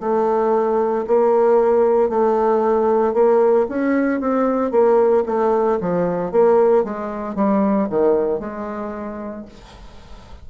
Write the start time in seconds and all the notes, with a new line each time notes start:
0.00 A3
1.07 A#3
2.10 A3
3.14 A#3
3.69 C#4
4.21 C4
4.71 A#3
5.26 A3
5.80 F3
6.32 A#3
6.84 G#3
7.35 G3
7.89 D#3
8.40 G#3